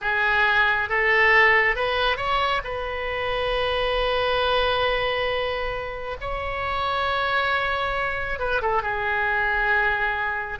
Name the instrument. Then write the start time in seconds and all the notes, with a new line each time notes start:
oboe
0.01 G#4
0.89 A4
1.75 B4
2.17 C#5
2.64 B4
6.20 C#5
8.39 B4
8.61 A4
8.82 G#4